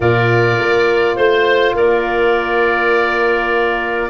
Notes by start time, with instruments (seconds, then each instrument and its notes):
0.00 tuba A#2, horn F4, clarinet A#4, oboe D5
0.59 tuba A#3
1.15 tuba A3, clarinet C5, oboe C5
1.73 tuba A#3, clarinet A#4, oboe D5